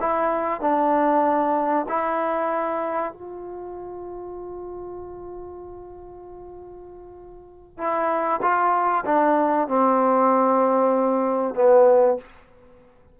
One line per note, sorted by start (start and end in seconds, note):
0.00 0.61 E4
0.61 1.86 D4
1.88 3.13 E4
3.13 7.78 F4
7.78 8.41 E4
8.42 9.04 F4
9.05 9.68 D4
9.68 11.55 C4
11.55 12.18 B3